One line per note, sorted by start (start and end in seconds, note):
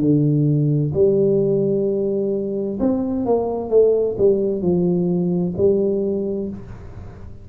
0.00 0.92 D3
0.94 2.79 G3
2.79 3.26 C4
3.26 3.70 A#3
3.70 4.16 A3
4.18 4.62 G3
4.62 5.54 F3
5.57 6.50 G3